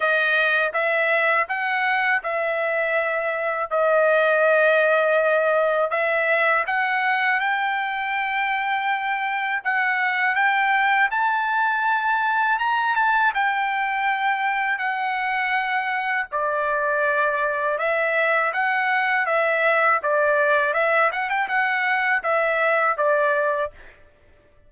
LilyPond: \new Staff \with { instrumentName = "trumpet" } { \time 4/4 \tempo 4 = 81 dis''4 e''4 fis''4 e''4~ | e''4 dis''2. | e''4 fis''4 g''2~ | g''4 fis''4 g''4 a''4~ |
a''4 ais''8 a''8 g''2 | fis''2 d''2 | e''4 fis''4 e''4 d''4 | e''8 fis''16 g''16 fis''4 e''4 d''4 | }